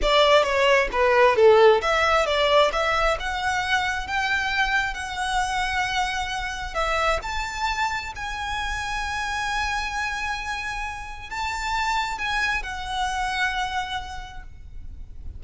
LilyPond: \new Staff \with { instrumentName = "violin" } { \time 4/4 \tempo 4 = 133 d''4 cis''4 b'4 a'4 | e''4 d''4 e''4 fis''4~ | fis''4 g''2 fis''4~ | fis''2. e''4 |
a''2 gis''2~ | gis''1~ | gis''4 a''2 gis''4 | fis''1 | }